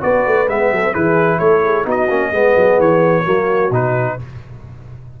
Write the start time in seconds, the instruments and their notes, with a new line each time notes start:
0.00 tuba B3, trombone F#4, horn B4, trumpet D5
0.26 tuba A3
0.48 tuba G#3, trombone B3, trumpet E5
0.71 tuba F#3, horn A4
0.92 tuba E3, trombone E4, horn G#4, trumpet B4
1.38 tuba A3, horn A4, trumpet C#5
1.62 horn G#4
1.84 tuba B3, trombone D#4, horn F#4
1.90 trumpet D#5
2.08 tuba A#3, trombone C#4
2.31 tuba G#3, trombone B3, horn G#4
2.56 tuba F#3
2.79 tuba E3, trumpet C#5
3.23 tuba F#3, trombone A#3, horn F#4
3.70 tuba B2, trombone D#4, trumpet B4